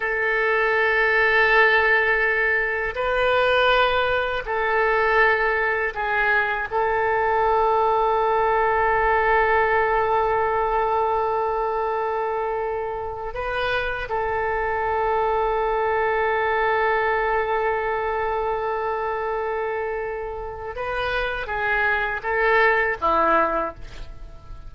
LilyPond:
\new Staff \with { instrumentName = "oboe" } { \time 4/4 \tempo 4 = 81 a'1 | b'2 a'2 | gis'4 a'2.~ | a'1~ |
a'2 b'4 a'4~ | a'1~ | a'1 | b'4 gis'4 a'4 e'4 | }